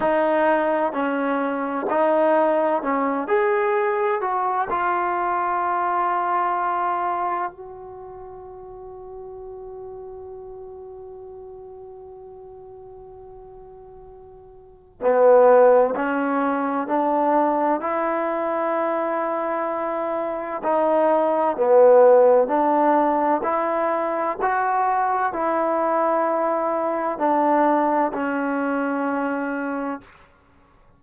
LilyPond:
\new Staff \with { instrumentName = "trombone" } { \time 4/4 \tempo 4 = 64 dis'4 cis'4 dis'4 cis'8 gis'8~ | gis'8 fis'8 f'2. | fis'1~ | fis'1 |
b4 cis'4 d'4 e'4~ | e'2 dis'4 b4 | d'4 e'4 fis'4 e'4~ | e'4 d'4 cis'2 | }